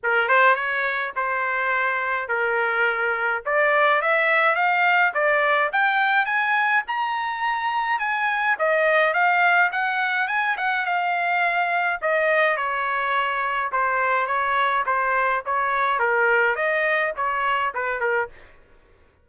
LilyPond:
\new Staff \with { instrumentName = "trumpet" } { \time 4/4 \tempo 4 = 105 ais'8 c''8 cis''4 c''2 | ais'2 d''4 e''4 | f''4 d''4 g''4 gis''4 | ais''2 gis''4 dis''4 |
f''4 fis''4 gis''8 fis''8 f''4~ | f''4 dis''4 cis''2 | c''4 cis''4 c''4 cis''4 | ais'4 dis''4 cis''4 b'8 ais'8 | }